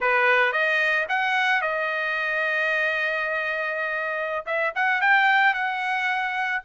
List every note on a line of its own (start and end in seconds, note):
0.00 0.52 B4
0.52 1.06 D#5
1.08 1.61 F#5
1.61 4.45 D#5
4.46 4.73 E5
4.75 5.01 F#5
5.01 5.54 G5
5.54 6.62 F#5